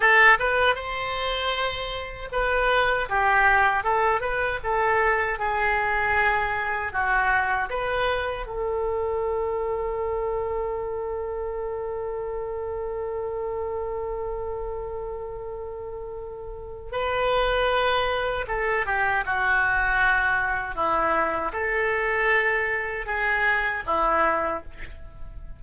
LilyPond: \new Staff \with { instrumentName = "oboe" } { \time 4/4 \tempo 4 = 78 a'8 b'8 c''2 b'4 | g'4 a'8 b'8 a'4 gis'4~ | gis'4 fis'4 b'4 a'4~ | a'1~ |
a'1~ | a'2 b'2 | a'8 g'8 fis'2 e'4 | a'2 gis'4 e'4 | }